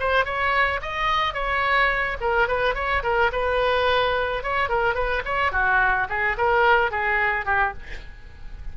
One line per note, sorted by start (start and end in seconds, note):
0.00 0.25 C5
0.25 0.81 C#5
0.82 1.34 D#5
1.34 2.17 C#5
2.21 2.48 A#4
2.48 2.75 B4
2.75 3.03 C#5
3.03 3.31 A#4
3.32 4.43 B4
4.43 4.69 C#5
4.69 4.95 A#4
4.95 5.22 B4
5.25 5.52 C#5
5.52 6.07 F#4
6.09 6.37 G#4
6.37 6.91 A#4
6.91 7.45 G#4
7.45 7.73 G4